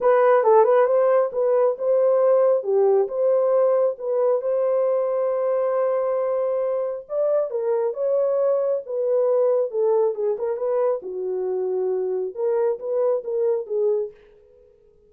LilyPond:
\new Staff \with { instrumentName = "horn" } { \time 4/4 \tempo 4 = 136 b'4 a'8 b'8 c''4 b'4 | c''2 g'4 c''4~ | c''4 b'4 c''2~ | c''1 |
d''4 ais'4 cis''2 | b'2 a'4 gis'8 ais'8 | b'4 fis'2. | ais'4 b'4 ais'4 gis'4 | }